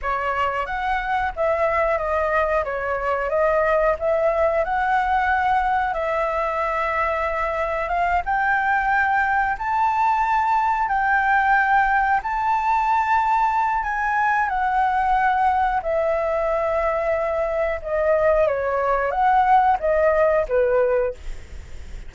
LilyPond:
\new Staff \with { instrumentName = "flute" } { \time 4/4 \tempo 4 = 91 cis''4 fis''4 e''4 dis''4 | cis''4 dis''4 e''4 fis''4~ | fis''4 e''2. | f''8 g''2 a''4.~ |
a''8 g''2 a''4.~ | a''4 gis''4 fis''2 | e''2. dis''4 | cis''4 fis''4 dis''4 b'4 | }